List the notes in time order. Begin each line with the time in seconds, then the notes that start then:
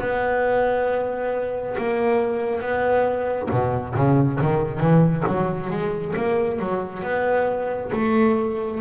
0.00 B3
1.78 A#3
2.61 B3
3.51 B2
3.95 C#3
4.42 D#3
4.80 E3
5.27 F#3
5.70 G#3
6.16 A#3
6.60 F#3
7.03 B3
7.93 A3